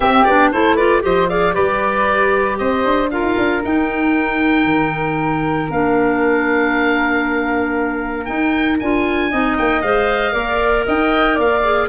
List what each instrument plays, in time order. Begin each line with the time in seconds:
0.00 tuba C4, clarinet C4, flute G4, oboe E5
0.23 tuba B3, clarinet D4, oboe D5
0.51 tuba A3, clarinet E4, flute A4, oboe C5
0.75 clarinet F4, flute B4, oboe D5
1.01 tuba F3, clarinet G4, flute C5, oboe D#5
1.28 clarinet G#4, flute D5, oboe F5
1.53 tuba G3, clarinet G4, flute B4, oboe D5
2.58 tuba C4, flute C5, oboe D#5
2.84 tuba D4
3.10 clarinet F4, flute A#4, oboe F5
3.22 tuba D#4
3.37 tuba D4
3.63 clarinet D#4, tuba D#4, oboe G5
4.64 tuba D#3
5.70 tuba A#3, clarinet D4, oboe F5
8.25 clarinet D#4, tuba D#4, oboe G5
8.79 tuba D4, clarinet F4, oboe G#5
9.30 tuba C4, clarinet D#4, flute D#5
9.57 tuba A#3, oboe G5
9.81 tuba G#3, clarinet C5, oboe F5
10.32 tuba A#3, clarinet A#4, flute D5
10.85 tuba D#4, flute D#5, oboe G5
11.34 tuba A#3, flute D5, oboe F5
11.63 clarinet G#4